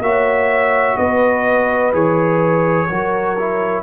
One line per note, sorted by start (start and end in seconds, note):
0.00 0.95 A#3
0.00 1.93 F#4
0.00 0.97 C#5
0.00 0.97 E5
0.97 1.93 B3
0.97 2.87 B4
0.97 1.93 D#5
1.93 2.89 E3
1.93 2.88 G#4
1.93 3.83 C#5
2.89 3.83 F#3
2.89 3.37 F#4
2.89 3.83 A#4
3.39 3.83 E4